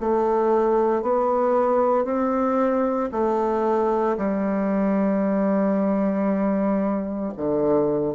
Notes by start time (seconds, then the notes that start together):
0.00 A3
1.02 B3
2.05 C4
3.12 A3
4.18 G3
7.37 D3